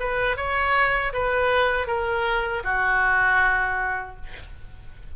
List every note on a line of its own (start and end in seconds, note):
0.00 0.37 B4
0.37 1.13 C#5
1.13 1.87 B4
1.87 2.63 A#4
2.64 4.16 F#4